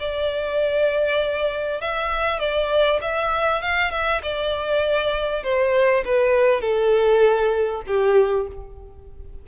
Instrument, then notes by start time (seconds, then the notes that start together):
violin
0.00 D5
1.81 E5
2.40 D5
3.02 E5
3.62 F5
3.91 E5
4.23 D5
5.44 C5
6.05 B4
6.61 A4
7.87 G4